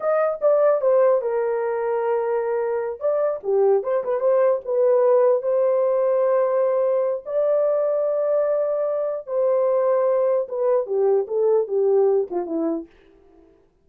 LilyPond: \new Staff \with { instrumentName = "horn" } { \time 4/4 \tempo 4 = 149 dis''4 d''4 c''4 ais'4~ | ais'2.~ ais'8 d''8~ | d''8 g'4 c''8 b'8 c''4 b'8~ | b'4. c''2~ c''8~ |
c''2 d''2~ | d''2. c''4~ | c''2 b'4 g'4 | a'4 g'4. f'8 e'4 | }